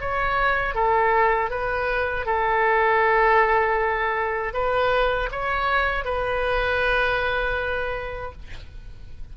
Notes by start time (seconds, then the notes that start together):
0.00 C#5
0.75 A4
1.50 B4
2.26 A4
4.53 B4
5.31 C#5
6.04 B4